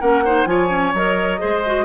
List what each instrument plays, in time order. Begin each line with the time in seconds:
0.00 bassoon A#3, clarinet C#4, oboe A#4, flute F#5
0.25 clarinet D#4, oboe C5
0.45 bassoon F3, clarinet F4, oboe C#5, flute G#5
0.69 clarinet C#4
0.94 bassoon F#3, clarinet A#4, flute D#5
1.39 bassoon G#3, clarinet G#4, oboe C5
1.66 clarinet F#4